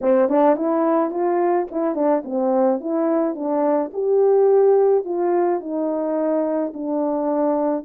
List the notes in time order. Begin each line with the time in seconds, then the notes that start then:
0.01 C4
0.29 D4
0.56 E4
1.10 F4
1.71 E4
1.94 D4
2.24 C4
2.80 E4
3.34 D4
3.93 G4
5.04 F4
5.60 D#4
6.73 D4